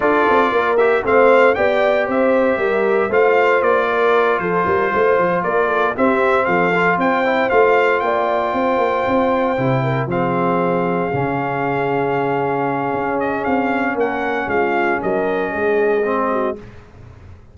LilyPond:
<<
  \new Staff \with { instrumentName = "trumpet" } { \time 4/4 \tempo 4 = 116 d''4. e''8 f''4 g''4 | e''2 f''4 d''4~ | d''8 c''2 d''4 e''8~ | e''8 f''4 g''4 f''4 g''8~ |
g''2.~ g''8 f''8~ | f''1~ | f''4. dis''8 f''4 fis''4 | f''4 dis''2. | }
  \new Staff \with { instrumentName = "horn" } { \time 4/4 a'4 ais'4 c''4 d''4 | c''4 ais'4 c''4. ais'8~ | ais'8 a'8 ais'8 c''4 ais'8 a'8 g'8~ | g'8 a'4 c''2 d''8~ |
d''8 c''2~ c''8 ais'8 gis'8~ | gis'1~ | gis'2. ais'4 | f'4 ais'4 gis'4. fis'8 | }
  \new Staff \with { instrumentName = "trombone" } { \time 4/4 f'4. g'8 c'4 g'4~ | g'2 f'2~ | f'2.~ f'8 c'8~ | c'4 f'4 e'8 f'4.~ |
f'2~ f'8 e'4 c'8~ | c'4. cis'2~ cis'8~ | cis'1~ | cis'2. c'4 | }
  \new Staff \with { instrumentName = "tuba" } { \time 4/4 d'8 c'8 ais4 a4 b4 | c'4 g4 a4 ais4~ | ais8 f8 g8 a8 f8 ais4 c'8~ | c'8 f4 c'4 a4 ais8~ |
ais8 c'8 ais8 c'4 c4 f8~ | f4. cis2~ cis8~ | cis4 cis'4 c'4 ais4 | gis4 fis4 gis2 | }
>>